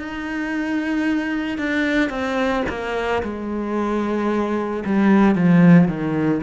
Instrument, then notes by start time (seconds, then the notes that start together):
cello
0.00 D#4
1.58 D4
2.10 C4
2.69 A#3
3.23 G#3
4.86 G3
5.35 F3
5.88 D#3